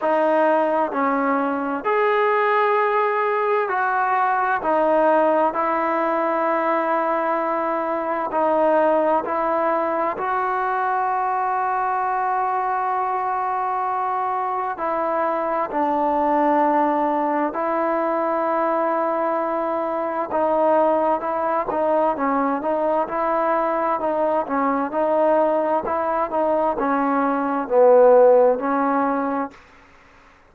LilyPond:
\new Staff \with { instrumentName = "trombone" } { \time 4/4 \tempo 4 = 65 dis'4 cis'4 gis'2 | fis'4 dis'4 e'2~ | e'4 dis'4 e'4 fis'4~ | fis'1 |
e'4 d'2 e'4~ | e'2 dis'4 e'8 dis'8 | cis'8 dis'8 e'4 dis'8 cis'8 dis'4 | e'8 dis'8 cis'4 b4 cis'4 | }